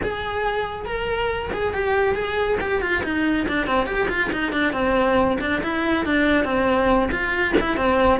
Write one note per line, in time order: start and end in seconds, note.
0.03 0.85 G#4
0.85 1.50 A#4
1.52 1.73 G#4
1.73 2.14 G4
2.14 2.57 G#4
2.60 2.81 G4
2.81 3.03 F4
3.03 3.46 D#4
3.47 3.67 D4
3.67 3.86 C4
3.86 4.08 G4
4.08 4.30 F4
4.32 4.52 D#4
4.52 4.73 D4
4.73 5.37 C4
5.40 5.62 D4
5.63 6.05 E4
6.05 6.44 D4
6.44 7.09 C4
7.11 7.54 F4
7.60 7.76 E4
7.76 8.20 C4